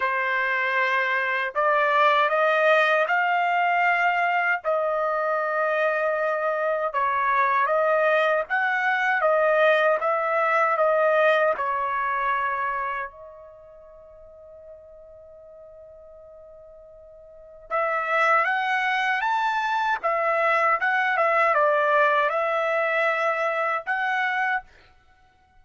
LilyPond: \new Staff \with { instrumentName = "trumpet" } { \time 4/4 \tempo 4 = 78 c''2 d''4 dis''4 | f''2 dis''2~ | dis''4 cis''4 dis''4 fis''4 | dis''4 e''4 dis''4 cis''4~ |
cis''4 dis''2.~ | dis''2. e''4 | fis''4 a''4 e''4 fis''8 e''8 | d''4 e''2 fis''4 | }